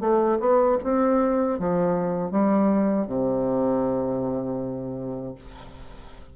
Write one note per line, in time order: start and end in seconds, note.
0.00 0.38 A3
0.40 0.78 B3
0.83 1.59 C4
1.59 2.31 F3
2.31 3.07 G3
3.07 5.34 C3